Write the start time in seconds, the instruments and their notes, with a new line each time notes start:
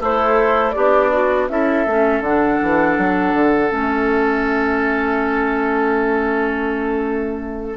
0.00 bassoon A3, oboe E4, clarinet A4, flute C5
0.71 bassoon B3, oboe D4, clarinet G4, flute D5
1.11 clarinet F#4
1.48 bassoon C#4, clarinet E4, oboe A4, flute E5
1.86 bassoon A3, clarinet C#4
2.20 bassoon D3, clarinet D4, flute F#5
2.61 bassoon E3
2.97 bassoon F#3
3.33 bassoon D3
3.69 bassoon A3, clarinet C#4, flute E5